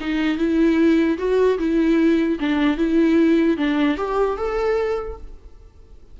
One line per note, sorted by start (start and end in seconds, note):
0.00 0.37 D#4
0.37 1.17 E4
1.17 1.57 F#4
1.58 2.38 E4
2.39 2.77 D4
2.77 3.57 E4
3.57 3.97 D4
3.97 4.37 G4
4.37 5.17 A4